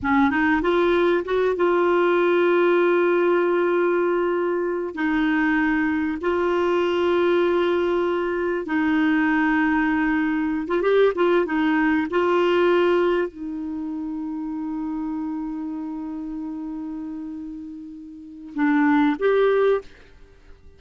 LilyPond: \new Staff \with { instrumentName = "clarinet" } { \time 4/4 \tempo 4 = 97 cis'8 dis'8 f'4 fis'8 f'4.~ | f'1 | dis'2 f'2~ | f'2 dis'2~ |
dis'4~ dis'16 f'16 g'8 f'8 dis'4 f'8~ | f'4. dis'2~ dis'8~ | dis'1~ | dis'2 d'4 g'4 | }